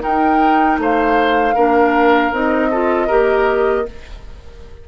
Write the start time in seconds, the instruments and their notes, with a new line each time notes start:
0.00 clarinet D#4, bassoon D#4, oboe A#4, flute G5
0.78 bassoon A3, oboe C5, flute F5
1.55 bassoon A#3, clarinet D4, oboe A#4
2.32 bassoon C4, clarinet D#4, flute D#5
2.71 clarinet F4, oboe A4
3.08 bassoon A#3, clarinet G4, oboe A#4